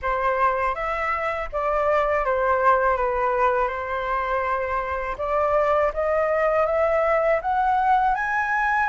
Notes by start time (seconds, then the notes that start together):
0.02 C5
0.74 E5
1.52 D5
2.25 C5
2.96 B4
3.68 C5
5.18 D5
5.93 D#5
6.66 E5
7.41 F#5
8.15 G#5